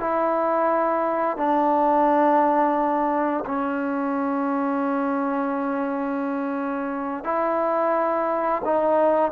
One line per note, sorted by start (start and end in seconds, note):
0.00 1.37 E4
1.37 3.44 D4
3.45 7.24 C#4
7.24 8.62 E4
8.65 9.32 D#4